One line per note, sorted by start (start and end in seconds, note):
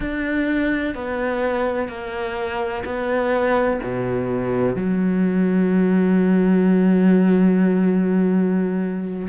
0.00 0.94 D4
0.94 1.88 B3
1.88 2.83 A#3
2.84 3.80 B3
3.82 4.75 B2
4.75 9.28 F#3